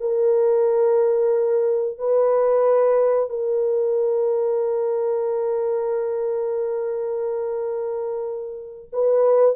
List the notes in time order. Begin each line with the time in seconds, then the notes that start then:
0.00 A#4
1.98 B4
3.29 A#4
8.92 B4